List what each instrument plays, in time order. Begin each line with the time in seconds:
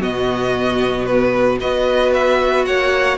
0.00 cello B2, viola B3, violin F#4 D#5
1.05 violin B4
1.59 cello B3, viola F#4, violin B4 D#5
2.13 violin E5
2.65 cello A#3, violin C#5 F#5